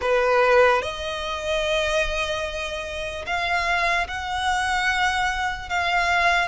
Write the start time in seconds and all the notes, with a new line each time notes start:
0.01 B4
0.82 D#5
3.26 F5
4.07 F#5
5.69 F5